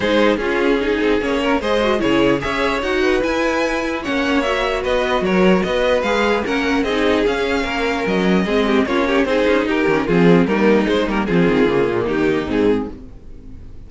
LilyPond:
<<
  \new Staff \with { instrumentName = "violin" } { \time 4/4 \tempo 4 = 149 c''4 gis'2 cis''4 | dis''4 cis''4 e''4 fis''4 | gis''2 fis''4 e''4 | dis''4 cis''4 dis''4 f''4 |
fis''4 dis''4 f''2 | dis''2 cis''4 c''4 | ais'4 gis'4 ais'4 c''8 ais'8 | gis'2 g'4 gis'4 | }
  \new Staff \with { instrumentName = "violin" } { \time 4/4 gis'4 f'4 gis'4. ais'8 | c''4 gis'4 cis''4. b'8~ | b'2 cis''2 | b'4 ais'4 b'2 |
ais'4 gis'2 ais'4~ | ais'4 gis'8 g'8 f'8 g'8 gis'4 | g'4 f'4 dis'2 | f'2 dis'2 | }
  \new Staff \with { instrumentName = "viola" } { \time 4/4 dis'4 cis'4 dis'4 cis'4 | gis'8 fis'8 e'4 gis'4 fis'4 | e'2 cis'4 fis'4~ | fis'2. gis'4 |
cis'4 dis'4 cis'2~ | cis'4 c'4 cis'4 dis'4~ | dis'8 cis'8 c'4 ais4 gis8 ais8 | c'4 ais2 c'4 | }
  \new Staff \with { instrumentName = "cello" } { \time 4/4 gis4 cis'4. c'8 ais4 | gis4 cis4 cis'4 dis'4 | e'2 ais2 | b4 fis4 b4 gis4 |
ais4 c'4 cis'4 ais4 | fis4 gis4 ais4 c'8 cis'8 | dis'8 dis8 f4 g4 gis8 g8 | f8 dis8 cis8 ais,8 dis4 gis,4 | }
>>